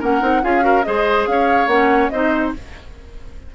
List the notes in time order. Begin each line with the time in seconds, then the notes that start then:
0.00 A#3 C#4 A#4 F#5
0.21 C4 D#4
0.43 C#4 F4 G#4 F5
0.61 F#4 A#4
0.84 G#3 G#4 C5 D#5
1.26 C#4 C#5 F5
1.67 A#3 C#4 F#5
2.10 C4 D#4 C5 D#5